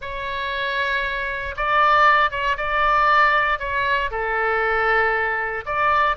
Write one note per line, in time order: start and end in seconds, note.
0.01 1.55 C#5
1.56 2.30 D5
2.30 2.56 C#5
2.57 3.59 D5
3.59 4.10 C#5
4.10 5.64 A4
5.65 6.16 D5